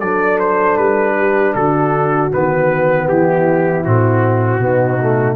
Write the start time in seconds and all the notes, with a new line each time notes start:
0.00 F#3 D4 A4 D5
0.39 C5
0.77 G3 B4
1.18 G4
1.54 D3 F#4 A4
2.31 D#3 B3 B4
3.08 E3 E4 G4
3.84 A2 C4 F#4
4.59 B2 B3 D#4
5.00 A3